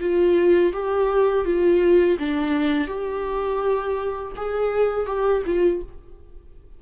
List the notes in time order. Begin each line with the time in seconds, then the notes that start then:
0.00 F4
0.73 G4
1.45 F4
2.19 D4
2.87 G4
4.36 G#4
5.06 G4
5.46 F4